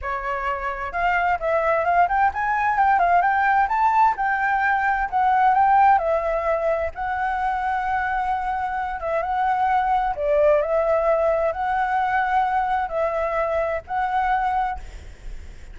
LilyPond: \new Staff \with { instrumentName = "flute" } { \time 4/4 \tempo 4 = 130 cis''2 f''4 e''4 | f''8 g''8 gis''4 g''8 f''8 g''4 | a''4 g''2 fis''4 | g''4 e''2 fis''4~ |
fis''2.~ fis''8 e''8 | fis''2 d''4 e''4~ | e''4 fis''2. | e''2 fis''2 | }